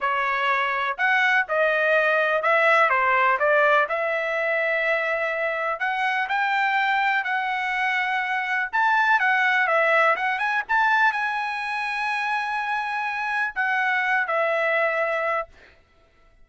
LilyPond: \new Staff \with { instrumentName = "trumpet" } { \time 4/4 \tempo 4 = 124 cis''2 fis''4 dis''4~ | dis''4 e''4 c''4 d''4 | e''1 | fis''4 g''2 fis''4~ |
fis''2 a''4 fis''4 | e''4 fis''8 gis''8 a''4 gis''4~ | gis''1 | fis''4. e''2~ e''8 | }